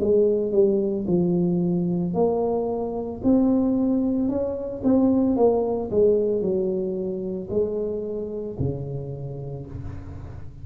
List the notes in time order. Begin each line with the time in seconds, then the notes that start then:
0.00 G#3
0.52 G3
1.08 F3
2.14 A#3
3.24 C4
4.29 C#4
4.84 C4
5.36 A#3
5.91 G#3
6.41 F#3
7.50 G#3
8.60 C#3